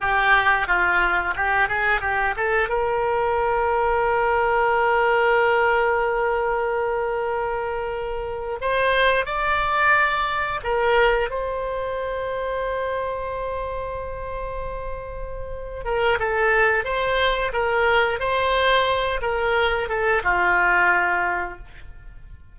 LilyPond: \new Staff \with { instrumentName = "oboe" } { \time 4/4 \tempo 4 = 89 g'4 f'4 g'8 gis'8 g'8 a'8 | ais'1~ | ais'1~ | ais'8. c''4 d''2 ais'16~ |
ais'8. c''2.~ c''16~ | c''2.~ c''8 ais'8 | a'4 c''4 ais'4 c''4~ | c''8 ais'4 a'8 f'2 | }